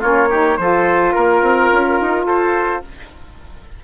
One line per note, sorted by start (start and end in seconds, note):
0.00 0.58 A#3
0.00 0.30 C#4
0.00 0.28 F4
0.00 0.57 C#5
0.29 0.59 D#4
0.29 0.57 G4
0.57 1.14 F3
0.57 2.83 F4
0.57 1.14 A4
0.57 1.12 C5
1.12 1.42 A#3
1.12 2.24 A#4
1.12 2.26 A#4
1.42 1.70 C4
1.72 2.00 C#4
2.00 2.25 D#4
2.25 2.81 F4
2.25 2.82 A4
2.25 2.83 C5